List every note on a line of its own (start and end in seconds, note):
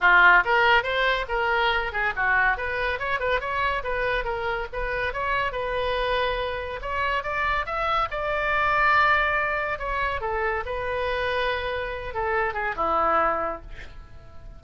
0.01 0.43 F4
0.44 0.83 A#4
0.83 1.25 C5
1.28 1.92 A#4
1.92 2.13 G#4
2.16 2.57 F#4
2.57 2.99 B4
2.99 3.19 C#5
3.19 3.40 B4
3.40 3.83 C#5
3.83 4.24 B4
4.24 4.67 A#4
4.72 5.13 B4
5.13 5.52 C#5
5.52 6.79 B4
6.81 7.23 C#5
7.23 7.65 D5
7.66 8.08 E5
8.11 9.79 D5
9.79 10.21 C#5
10.21 10.63 A4
10.65 12.14 B4
12.14 12.53 A4
12.53 12.74 G#4
12.76 13.61 E4